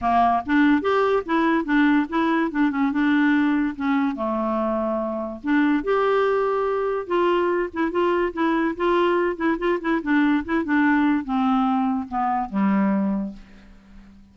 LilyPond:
\new Staff \with { instrumentName = "clarinet" } { \time 4/4 \tempo 4 = 144 ais4 d'4 g'4 e'4 | d'4 e'4 d'8 cis'8 d'4~ | d'4 cis'4 a2~ | a4 d'4 g'2~ |
g'4 f'4. e'8 f'4 | e'4 f'4. e'8 f'8 e'8 | d'4 e'8 d'4. c'4~ | c'4 b4 g2 | }